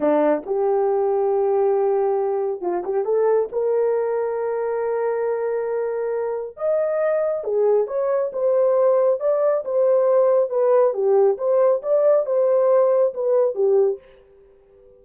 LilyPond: \new Staff \with { instrumentName = "horn" } { \time 4/4 \tempo 4 = 137 d'4 g'2.~ | g'2 f'8 g'8 a'4 | ais'1~ | ais'2. dis''4~ |
dis''4 gis'4 cis''4 c''4~ | c''4 d''4 c''2 | b'4 g'4 c''4 d''4 | c''2 b'4 g'4 | }